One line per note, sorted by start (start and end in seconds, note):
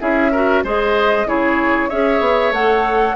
0.00 0.64 C#4
0.00 0.32 E4
0.00 0.32 G#4
0.00 0.64 E5
0.32 0.65 F#4
0.32 0.63 A#4
0.64 1.26 G#3
0.64 1.26 G#4
0.64 1.27 C5
0.64 1.29 D#5
1.26 1.89 C#3
1.26 1.90 E4
1.26 1.89 G#4
1.26 1.90 C#5
1.89 2.20 C#4
1.89 2.54 G#4
1.89 3.16 C#5
1.89 2.53 E5
2.20 2.51 B3
2.51 3.15 A3
2.51 3.16 A4
2.51 3.16 F#5